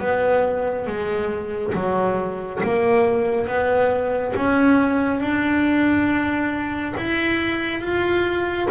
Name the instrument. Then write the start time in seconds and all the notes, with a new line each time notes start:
double bass
0.00 B3
0.87 G#3
1.75 F#3
2.64 A#3
3.47 B3
4.36 C#4
5.21 D4
6.98 E4
7.81 F4